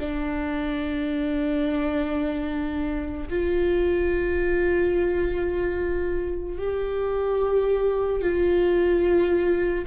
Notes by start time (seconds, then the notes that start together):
0.00 D4
3.30 F4
6.59 G4
8.22 F4